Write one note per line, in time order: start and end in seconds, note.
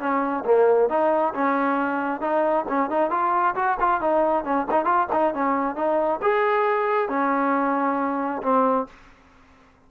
0.00 0.44 C#4
0.45 0.89 A#3
0.89 1.34 D#4
1.34 2.21 C#4
2.21 2.65 D#4
2.69 2.90 C#4
2.90 3.11 D#4
3.11 3.55 F4
3.56 3.78 F#4
3.80 4.01 F4
4.01 4.45 D#4
4.45 4.67 C#4
4.71 4.85 D#4
4.85 5.07 F4
5.13 5.34 D#4
5.34 5.76 C#4
5.76 6.20 D#4
6.22 7.09 G#4
7.09 8.42 C#4
8.43 8.87 C4